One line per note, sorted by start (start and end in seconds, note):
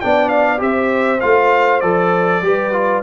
0.00 0.60 B3
0.00 0.57 D4
0.00 0.62 D5
0.00 0.28 G5
0.28 0.59 F5
0.57 1.21 C4
0.57 1.18 G4
0.57 2.44 C5
0.57 1.20 E5
1.20 1.82 A3
1.20 1.81 F4
1.20 1.80 F5
1.80 2.42 F3
1.80 2.42 A4
1.80 3.01 D5
2.42 3.02 G3
2.42 2.72 G4
2.42 3.02 B4
2.72 3.02 F4